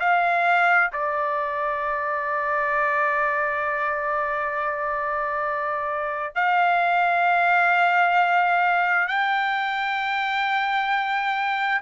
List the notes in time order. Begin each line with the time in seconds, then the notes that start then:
0.00 F5
0.93 D5
6.35 F5
9.08 G5